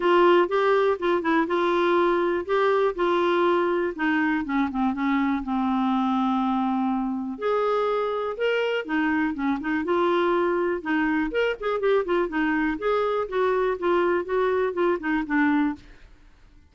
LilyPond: \new Staff \with { instrumentName = "clarinet" } { \time 4/4 \tempo 4 = 122 f'4 g'4 f'8 e'8 f'4~ | f'4 g'4 f'2 | dis'4 cis'8 c'8 cis'4 c'4~ | c'2. gis'4~ |
gis'4 ais'4 dis'4 cis'8 dis'8 | f'2 dis'4 ais'8 gis'8 | g'8 f'8 dis'4 gis'4 fis'4 | f'4 fis'4 f'8 dis'8 d'4 | }